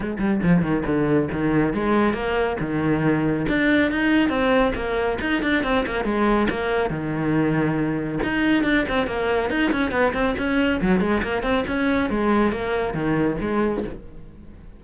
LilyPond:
\new Staff \with { instrumentName = "cello" } { \time 4/4 \tempo 4 = 139 gis8 g8 f8 dis8 d4 dis4 | gis4 ais4 dis2 | d'4 dis'4 c'4 ais4 | dis'8 d'8 c'8 ais8 gis4 ais4 |
dis2. dis'4 | d'8 c'8 ais4 dis'8 cis'8 b8 c'8 | cis'4 fis8 gis8 ais8 c'8 cis'4 | gis4 ais4 dis4 gis4 | }